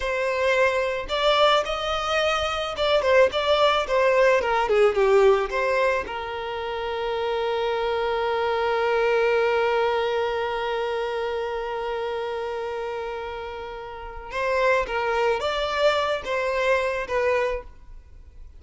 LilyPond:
\new Staff \with { instrumentName = "violin" } { \time 4/4 \tempo 4 = 109 c''2 d''4 dis''4~ | dis''4 d''8 c''8 d''4 c''4 | ais'8 gis'8 g'4 c''4 ais'4~ | ais'1~ |
ais'1~ | ais'1~ | ais'2 c''4 ais'4 | d''4. c''4. b'4 | }